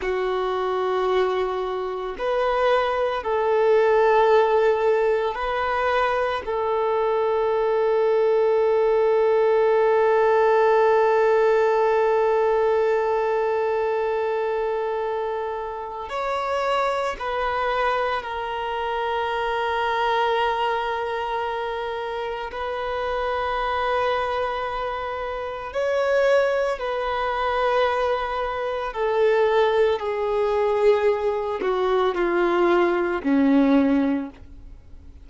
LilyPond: \new Staff \with { instrumentName = "violin" } { \time 4/4 \tempo 4 = 56 fis'2 b'4 a'4~ | a'4 b'4 a'2~ | a'1~ | a'2. cis''4 |
b'4 ais'2.~ | ais'4 b'2. | cis''4 b'2 a'4 | gis'4. fis'8 f'4 cis'4 | }